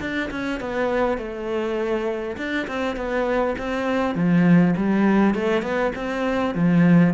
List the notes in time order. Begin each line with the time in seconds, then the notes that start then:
0.00 D4
0.31 C#4
0.60 B3
1.18 A3
2.37 D4
2.67 C4
2.96 B3
3.58 C4
4.15 F3
4.76 G3
5.34 A3
5.62 B3
5.95 C4
6.55 F3